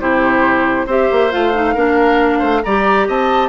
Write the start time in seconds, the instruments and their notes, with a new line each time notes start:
0.00 bassoon C3, clarinet E4, oboe G4, flute C5
0.86 bassoon C4, clarinet G4, oboe C5, flute E5
1.11 bassoon A#3
1.31 bassoon A3, clarinet F4, flute F5
1.53 clarinet D#4
1.74 bassoon A#3, clarinet D4, oboe A#4
2.38 bassoon A3, oboe C5
2.63 bassoon G3, clarinet G4, oboe D5, flute A#5
3.08 bassoon C4, oboe D#5, flute A5